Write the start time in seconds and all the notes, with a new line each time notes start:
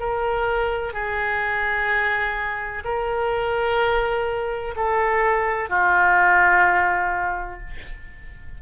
0.00 A#4
0.94 G#4
2.84 A#4
4.76 A4
5.70 F4